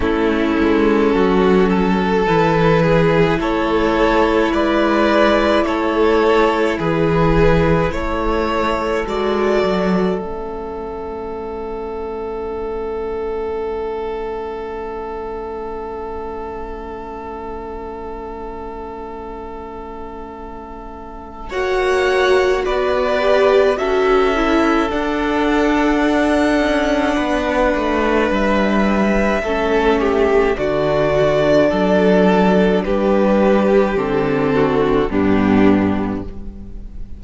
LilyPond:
<<
  \new Staff \with { instrumentName = "violin" } { \time 4/4 \tempo 4 = 53 a'2 b'4 cis''4 | d''4 cis''4 b'4 cis''4 | d''4 e''2.~ | e''1~ |
e''2. fis''4 | d''4 e''4 fis''2~ | fis''4 e''2 d''4~ | d''4 b'4 a'4 g'4 | }
  \new Staff \with { instrumentName = "violin" } { \time 4/4 e'4 fis'8 a'4 gis'8 a'4 | b'4 a'4 gis'4 a'4~ | a'1~ | a'1~ |
a'2. cis''4 | b'4 a'2. | b'2 a'8 g'8 fis'4 | a'4 g'4. fis'8 d'4 | }
  \new Staff \with { instrumentName = "viola" } { \time 4/4 cis'2 e'2~ | e'1 | fis'4 cis'2.~ | cis'1~ |
cis'2. fis'4~ | fis'8 g'8 fis'8 e'8 d'2~ | d'2 cis'4 d'4~ | d'2 c'4 b4 | }
  \new Staff \with { instrumentName = "cello" } { \time 4/4 a8 gis8 fis4 e4 a4 | gis4 a4 e4 a4 | gis8 fis8 a2.~ | a1~ |
a2. ais4 | b4 cis'4 d'4. cis'8 | b8 a8 g4 a4 d4 | fis4 g4 d4 g,4 | }
>>